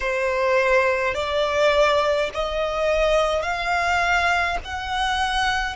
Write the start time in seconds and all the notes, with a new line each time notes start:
0.00 C5
1.14 D5
2.33 D#5
3.42 F5
4.64 F#5